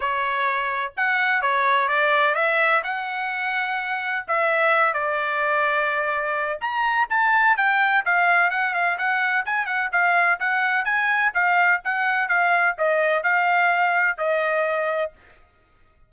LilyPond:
\new Staff \with { instrumentName = "trumpet" } { \time 4/4 \tempo 4 = 127 cis''2 fis''4 cis''4 | d''4 e''4 fis''2~ | fis''4 e''4. d''4.~ | d''2 ais''4 a''4 |
g''4 f''4 fis''8 f''8 fis''4 | gis''8 fis''8 f''4 fis''4 gis''4 | f''4 fis''4 f''4 dis''4 | f''2 dis''2 | }